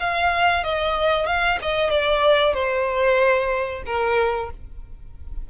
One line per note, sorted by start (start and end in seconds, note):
0.00 0.64 F5
0.64 1.27 D#5
1.27 1.59 F5
1.62 1.90 D#5
1.90 2.54 D5
2.54 3.83 C5
3.86 4.50 A#4